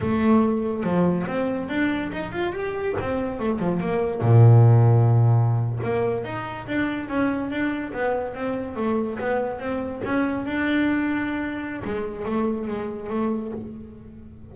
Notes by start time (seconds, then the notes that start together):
0.00 A3
0.83 F3
1.27 C4
1.69 D4
2.12 D#4
2.31 F4
2.52 G4
2.99 C4
3.39 A3
3.59 F3
3.80 A#3
4.21 A#2
5.83 A#3
6.24 D#4
6.67 D4
7.08 C#4
7.50 D4
7.92 B3
8.34 C4
8.76 A3
9.19 B3
9.59 C4
10.04 C#4
10.45 D4
11.84 G#3
12.25 A3
12.67 G#3
13.09 A3